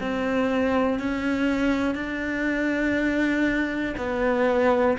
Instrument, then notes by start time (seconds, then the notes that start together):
cello
0.00 C4
0.99 C#4
1.94 D4
3.97 B3